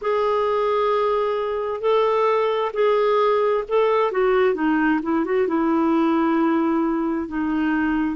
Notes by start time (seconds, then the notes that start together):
0.01 G#4
1.80 A4
2.73 G#4
3.68 A4
4.11 F#4
4.54 D#4
5.02 E4
5.24 F#4
5.48 E4
7.28 D#4